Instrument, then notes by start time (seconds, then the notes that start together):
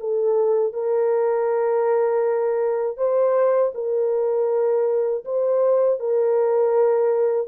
horn
0.00 A4
0.73 A#4
2.97 C5
3.74 A#4
5.25 C5
6.00 A#4